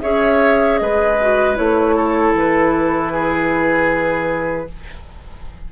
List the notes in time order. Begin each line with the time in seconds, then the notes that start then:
0.00 C#4 G#4 C#5 E5
0.78 G#3 B4 D#5
1.21 F#4
1.55 A3 E4 C#5
1.95 A4
2.33 E3 B4
3.12 G#4